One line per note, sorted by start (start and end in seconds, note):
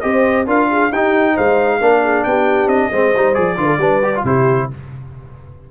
0.00 0.47 C4
0.00 0.46 G4
0.00 0.44 D#5
0.06 0.47 C5
0.46 0.91 D4
0.46 0.91 F4
0.46 0.69 A#4
0.46 0.92 F5
0.70 0.91 G#4
0.91 1.36 D#4
0.91 1.81 D#4
0.91 1.34 G4
0.91 1.37 G5
1.34 1.80 G#3
1.34 1.79 C5
1.34 2.24 F5
1.80 2.24 A#3
1.80 2.92 D4
1.80 2.03 A#4
2.03 2.25 G#4
2.24 2.66 B3
2.24 2.91 G4
2.24 2.68 G5
2.66 2.89 C4
2.66 3.34 D#5
2.91 3.14 G#3
2.91 3.15 C4
2.91 3.57 C5
3.15 3.37 G3
3.15 3.34 D#4
3.34 3.57 F3
3.34 3.56 G#4
3.34 4.23 D5
3.57 3.78 D3
3.57 3.79 F4
3.57 3.67 B4
3.67 3.78 A4
3.78 4.22 G3
3.78 4.02 D4
3.78 4.24 B4
4.02 4.14 G4
4.15 4.26 F4
4.24 4.68 C3
4.24 4.71 E4
4.24 4.71 G4
4.24 4.70 C5